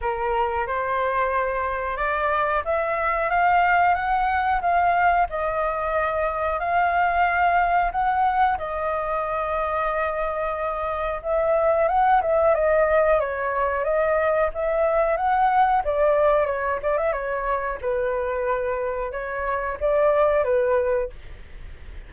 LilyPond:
\new Staff \with { instrumentName = "flute" } { \time 4/4 \tempo 4 = 91 ais'4 c''2 d''4 | e''4 f''4 fis''4 f''4 | dis''2 f''2 | fis''4 dis''2.~ |
dis''4 e''4 fis''8 e''8 dis''4 | cis''4 dis''4 e''4 fis''4 | d''4 cis''8 d''16 e''16 cis''4 b'4~ | b'4 cis''4 d''4 b'4 | }